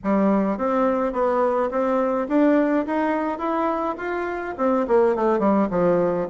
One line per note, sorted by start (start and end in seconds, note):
0.03 0.57 G3
0.57 1.12 C4
1.12 1.70 B3
1.70 2.27 C4
2.28 2.85 D4
2.86 3.38 D#4
3.38 3.95 E4
3.97 4.55 F4
4.57 4.86 C4
4.87 5.15 A#3
5.15 5.39 A3
5.39 5.68 G3
5.70 6.27 F3